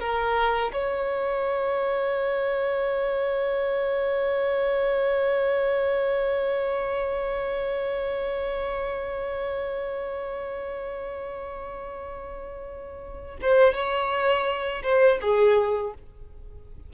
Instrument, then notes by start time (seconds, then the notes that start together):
violin
0.00 A#4
0.73 C#5
13.41 C5
13.74 C#5
14.83 C5
15.21 G#4